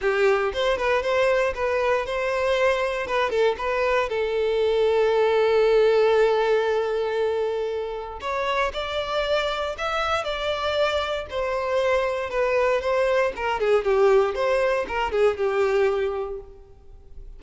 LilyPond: \new Staff \with { instrumentName = "violin" } { \time 4/4 \tempo 4 = 117 g'4 c''8 b'8 c''4 b'4 | c''2 b'8 a'8 b'4 | a'1~ | a'1 |
cis''4 d''2 e''4 | d''2 c''2 | b'4 c''4 ais'8 gis'8 g'4 | c''4 ais'8 gis'8 g'2 | }